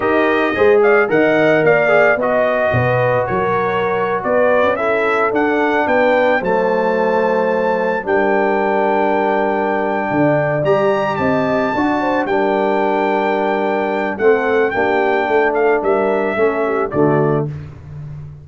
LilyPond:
<<
  \new Staff \with { instrumentName = "trumpet" } { \time 4/4 \tempo 4 = 110 dis''4. f''8 fis''4 f''4 | dis''2 cis''4.~ cis''16 d''16~ | d''8. e''4 fis''4 g''4 a''16~ | a''2~ a''8. g''4~ g''16~ |
g''2.~ g''8 ais''8~ | ais''8 a''2 g''4.~ | g''2 fis''4 g''4~ | g''8 f''8 e''2 d''4 | }
  \new Staff \with { instrumentName = "horn" } { \time 4/4 ais'4 c''8 d''8 dis''4 d''4 | dis''4 b'4 ais'4.~ ais'16 b'16~ | b'8. a'2 b'4 c''16~ | c''2~ c''8. ais'4~ ais'16~ |
ais'2~ ais'8 d''4.~ | d''8 dis''4 d''8 c''8 ais'4.~ | ais'2 a'4 g'4 | a'4 ais'4 a'8 g'8 fis'4 | }
  \new Staff \with { instrumentName = "trombone" } { \time 4/4 g'4 gis'4 ais'4. gis'8 | fis'1~ | fis'8. e'4 d'2 a16~ | a2~ a8. d'4~ d'16~ |
d'2.~ d'8 g'8~ | g'4. fis'4 d'4.~ | d'2 c'4 d'4~ | d'2 cis'4 a4 | }
  \new Staff \with { instrumentName = "tuba" } { \time 4/4 dis'4 gis4 dis4 ais4 | b4 b,4 fis4.~ fis16 b16~ | b8 cis'4~ cis'16 d'4 b4 fis16~ | fis2~ fis8. g4~ g16~ |
g2~ g8 d4 g8~ | g8 c'4 d'4 g4.~ | g2 a4 ais4 | a4 g4 a4 d4 | }
>>